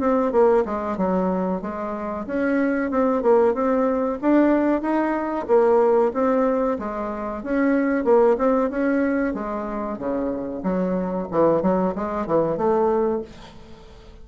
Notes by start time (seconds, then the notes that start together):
0.00 C4
0.32 A#3
0.65 G#3
0.97 F#3
1.61 G#3
2.26 C#4
2.91 C4
3.22 A#3
3.53 C4
4.21 D4
4.81 D#4
5.47 A#3
6.13 C4
6.79 G#3
7.43 C#4
8.04 A#3
8.38 C4
8.69 C#4
9.34 G#3
9.98 C#3
10.63 F#3
11.31 E3
11.62 F#3
11.95 G#3
12.26 E3
12.57 A3